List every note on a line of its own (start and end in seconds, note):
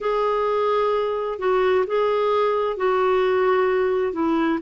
0.00 1.38 G#4
1.38 1.85 F#4
1.87 2.77 G#4
2.77 4.12 F#4
4.12 4.59 E4